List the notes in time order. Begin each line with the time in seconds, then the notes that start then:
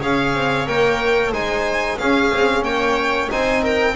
0.00 C#4 G#4 C#5 F5
0.34 C4
0.67 A#3 A#4 G5
1.32 G#3 D#4 C5 G#5
1.98 C#4 G#4 F5
2.34 C4
2.63 A#3 C#5 G5
3.29 C4 D#4 C5 G#5
3.63 A#4 G5